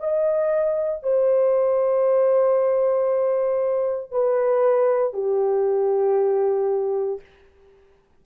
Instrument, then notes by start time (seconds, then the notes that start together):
horn
0.00 D#5
1.03 C5
4.12 B4
5.14 G4